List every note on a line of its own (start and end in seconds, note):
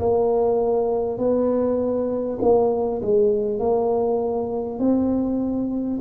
0.00 1.18 A#3
1.18 2.38 B3
2.42 3.02 A#3
3.02 3.59 G#3
3.59 4.79 A#3
4.79 5.99 C4